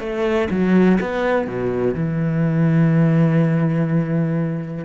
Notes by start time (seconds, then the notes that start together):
0.00 A3
0.51 F#3
1.01 B3
1.48 B2
1.95 E3